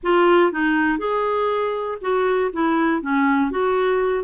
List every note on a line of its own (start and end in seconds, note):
0.03 0.52 F4
0.52 0.98 D#4
0.98 1.98 G#4
2.01 2.51 F#4
2.52 3.02 E4
3.02 3.50 C#4
3.50 4.24 F#4